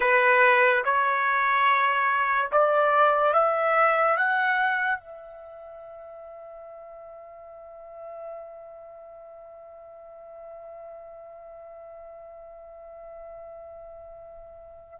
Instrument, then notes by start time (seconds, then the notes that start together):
trumpet
0.00 B4
0.84 C#5
2.51 D5
3.33 E5
4.17 F#5
4.99 E5